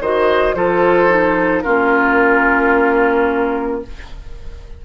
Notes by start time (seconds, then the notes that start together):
0.00 D#3 F#4 C5 D#5
0.54 F3 F4 A4 C5
1.09 D#4
1.61 A#3 C#4 F4 A#4